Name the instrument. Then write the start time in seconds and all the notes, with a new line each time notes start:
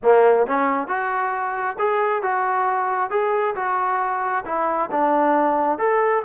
trombone
0.02 A#3
0.46 C#4
0.87 F#4
1.78 G#4
2.22 F#4
3.10 G#4
3.55 F#4
4.45 E4
4.91 D4
5.78 A4